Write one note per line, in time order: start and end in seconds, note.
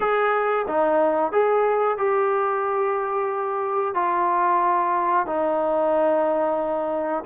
0.00 0.66 G#4
0.67 1.32 D#4
1.32 1.97 G#4
1.97 3.94 G4
3.94 5.26 F4
5.26 7.24 D#4